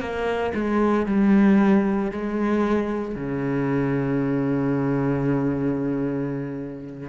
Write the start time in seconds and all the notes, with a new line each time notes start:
0.00 A#3
0.54 G#3
1.06 G3
2.11 G#3
3.15 C#3